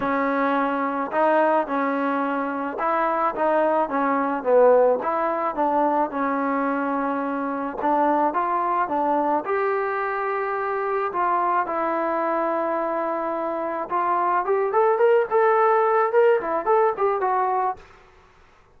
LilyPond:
\new Staff \with { instrumentName = "trombone" } { \time 4/4 \tempo 4 = 108 cis'2 dis'4 cis'4~ | cis'4 e'4 dis'4 cis'4 | b4 e'4 d'4 cis'4~ | cis'2 d'4 f'4 |
d'4 g'2. | f'4 e'2.~ | e'4 f'4 g'8 a'8 ais'8 a'8~ | a'4 ais'8 e'8 a'8 g'8 fis'4 | }